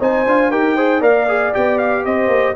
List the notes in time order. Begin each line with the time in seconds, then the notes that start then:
0.00 C4 D#4 C5 G#5
0.26 D4 F4
0.51 D#4 G4 A#4 G5
0.76 G#4 C5
1.01 A#3 A#4 D5 F5
1.28 G#4
1.53 B3 G4 G5
1.78 F5
2.05 C4 C5 D#5
2.27 A#3